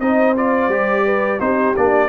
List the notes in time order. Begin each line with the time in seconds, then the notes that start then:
0.00 C4 D#4 C5 D#5
0.37 F4 D5
0.68 G3 G4
1.05 B4
1.40 C4 D#4 G4 C5
1.76 A#3 D4 D5